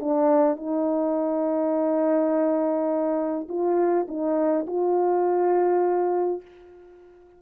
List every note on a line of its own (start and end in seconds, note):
0.00 0.56 D4
0.56 3.48 D#4
3.49 4.07 F4
4.08 4.66 D#4
4.67 6.42 F4